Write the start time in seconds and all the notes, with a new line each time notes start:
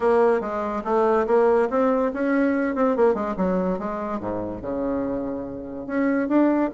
0.00 A#3
0.41 G#3
0.84 A3
1.27 A#3
1.69 C4
2.13 C#4
2.75 C4
2.96 A#3
3.14 G#3
3.37 F#3
3.78 G#3
4.20 G#2
4.61 C#3
5.86 C#4
6.28 D4